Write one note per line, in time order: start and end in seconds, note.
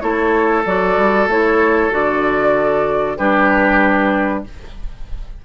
0.00 0.65 A3
0.00 0.64 E4
0.00 3.17 A4
0.00 0.63 C#5
0.65 0.96 F#3
0.65 1.30 F#4
0.65 1.29 D5
0.97 1.26 G3
1.26 1.90 A3
1.26 1.90 E4
1.26 1.92 C#5
1.90 3.17 D3
1.90 3.17 F#4
1.90 3.17 D5
3.17 4.45 G3
3.17 4.44 D4
3.17 4.44 G4
3.17 4.43 B4